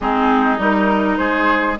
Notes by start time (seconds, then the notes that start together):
0.00 G#3 C4 D#4 G#4
0.57 G3 D#4 A#4
1.16 G#3 G#4 C5